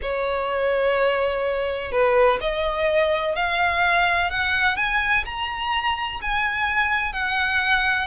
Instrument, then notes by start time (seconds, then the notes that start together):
violin
0.02 C#5
1.91 B4
2.40 D#5
3.35 F5
4.30 F#5
4.76 G#5
5.25 A#5
6.21 G#5
7.12 F#5